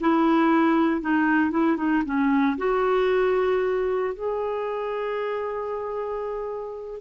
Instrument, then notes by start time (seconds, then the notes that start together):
clarinet
0.00 E4
1.01 D#4
1.50 E4
1.77 D#4
2.05 C#4
2.58 F#4
4.14 G#4